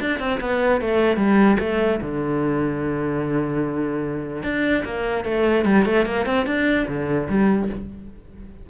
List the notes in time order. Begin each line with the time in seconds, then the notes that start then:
0.00 D4
0.19 C4
0.40 B3
0.81 A3
1.16 G3
1.59 A3
2.01 D3
4.43 D4
4.84 A#3
5.24 A3
5.65 G3
5.85 A3
6.06 A#3
6.26 C4
6.46 D4
6.87 D3
7.29 G3